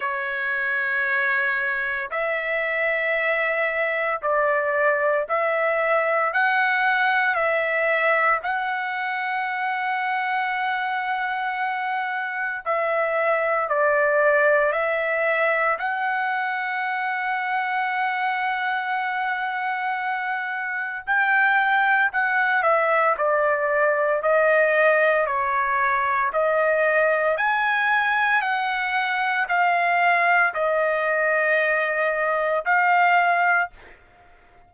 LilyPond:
\new Staff \with { instrumentName = "trumpet" } { \time 4/4 \tempo 4 = 57 cis''2 e''2 | d''4 e''4 fis''4 e''4 | fis''1 | e''4 d''4 e''4 fis''4~ |
fis''1 | g''4 fis''8 e''8 d''4 dis''4 | cis''4 dis''4 gis''4 fis''4 | f''4 dis''2 f''4 | }